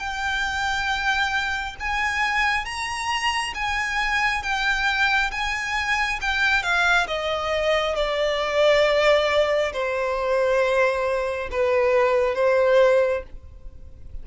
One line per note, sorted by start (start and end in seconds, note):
0.00 1.76 G5
1.80 2.66 G#5
2.66 3.54 A#5
3.55 4.43 G#5
4.43 5.31 G5
5.32 6.20 G#5
6.22 6.63 G5
6.63 7.07 F5
7.07 7.96 D#5
7.96 9.73 D5
9.73 11.49 C5
11.51 12.35 B4
12.35 13.24 C5